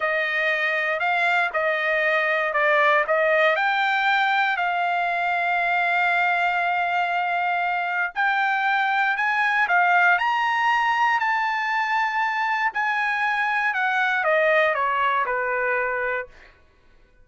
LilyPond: \new Staff \with { instrumentName = "trumpet" } { \time 4/4 \tempo 4 = 118 dis''2 f''4 dis''4~ | dis''4 d''4 dis''4 g''4~ | g''4 f''2.~ | f''1 |
g''2 gis''4 f''4 | ais''2 a''2~ | a''4 gis''2 fis''4 | dis''4 cis''4 b'2 | }